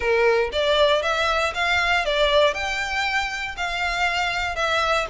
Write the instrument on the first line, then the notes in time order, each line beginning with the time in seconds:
violin
0.00 A#4
0.52 D5
1.02 E5
1.54 F5
2.05 D5
2.54 G5
3.56 F5
4.55 E5